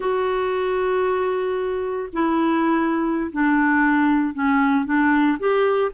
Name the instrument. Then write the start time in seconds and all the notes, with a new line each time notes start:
clarinet
0.00 F#4
2.12 E4
3.32 D4
4.33 C#4
4.85 D4
5.39 G4